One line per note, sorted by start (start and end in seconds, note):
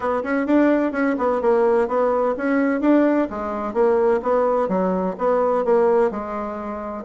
0.00 0.23 B3
0.23 0.46 C#4
0.46 0.92 D4
0.92 1.15 C#4
1.18 1.41 B3
1.41 1.87 A#3
1.87 2.34 B3
2.37 2.81 C#4
2.81 3.27 D4
3.30 3.73 G#3
3.73 4.20 A#3
4.22 4.68 B3
4.68 5.15 F#3
5.18 5.65 B3
5.65 6.11 A#3
6.11 7.04 G#3